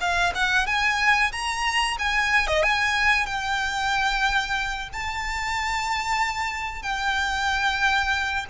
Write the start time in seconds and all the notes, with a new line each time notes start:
0.00 F5
0.34 F#5
0.66 G#5
1.31 A#5
1.98 G#5
2.47 D#5
2.62 G#5
3.26 G5
4.92 A5
6.82 G5